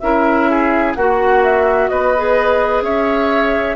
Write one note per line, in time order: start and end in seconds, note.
0.00 0.96 C#4
0.00 0.96 E4
0.00 0.51 A#4
0.00 0.94 E5
0.51 0.97 G#4
0.96 1.90 A#3
0.96 1.91 F#4
0.96 2.16 F#4
0.96 1.42 F#5
1.44 1.89 E5
1.89 2.82 B3
1.89 2.85 B4
1.89 2.82 D#5
2.17 3.77 G#4
2.82 3.76 C#4
2.82 3.77 C#5
2.82 3.77 E5